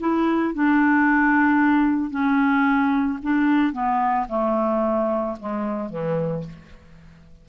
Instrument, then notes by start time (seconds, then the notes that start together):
clarinet
0.00 E4
0.54 D4
2.11 C#4
3.23 D4
3.73 B3
4.29 A3
5.40 G#3
5.90 E3